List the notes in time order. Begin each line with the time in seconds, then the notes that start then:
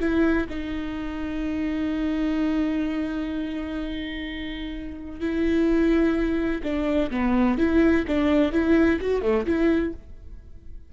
0.00 E4
0.49 D#4
5.20 E4
6.63 D4
7.11 B3
7.58 E4
8.08 D4
8.52 E4
9.01 F#4
9.22 A3
9.46 E4